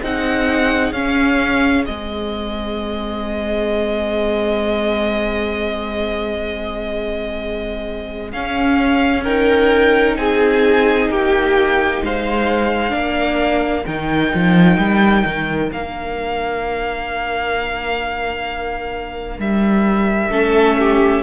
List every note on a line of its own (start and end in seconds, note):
0.00 0.93 C4
0.00 0.94 D#4
0.00 9.23 G#4
0.00 0.93 F#5
0.93 1.85 C#4
0.93 1.87 C#4
0.93 1.85 F5
1.86 8.33 G#3
1.86 8.33 C4
1.86 8.32 D#5
8.32 9.26 C#4
8.32 10.17 C#4
8.32 9.24 F5
9.24 12.90 D#4
9.24 10.17 A#4
9.24 10.17 G5
10.17 11.10 C4
10.17 11.11 G#4
10.17 11.09 G#5
11.10 12.02 A#3
11.10 12.03 G4
11.10 12.03 G5
12.02 12.92 G#3
12.02 12.94 C5
12.02 13.86 F5
12.90 13.85 A#3
12.90 13.82 D4
12.90 20.31 A#4
13.86 14.33 D#3
13.86 15.70 D#4
13.86 15.71 G5
14.34 14.78 F3
14.78 15.24 G3
15.26 15.72 D#3
15.70 19.39 A#3
15.70 20.32 D4
15.70 19.41 F5
19.39 20.30 G3
19.39 21.23 E5
20.30 21.23 A3
20.30 21.23 C#4
20.30 20.77 A4
20.79 21.23 G4